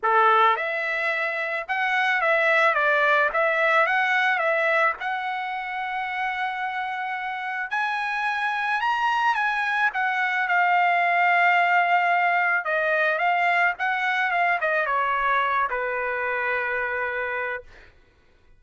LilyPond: \new Staff \with { instrumentName = "trumpet" } { \time 4/4 \tempo 4 = 109 a'4 e''2 fis''4 | e''4 d''4 e''4 fis''4 | e''4 fis''2.~ | fis''2 gis''2 |
ais''4 gis''4 fis''4 f''4~ | f''2. dis''4 | f''4 fis''4 f''8 dis''8 cis''4~ | cis''8 b'2.~ b'8 | }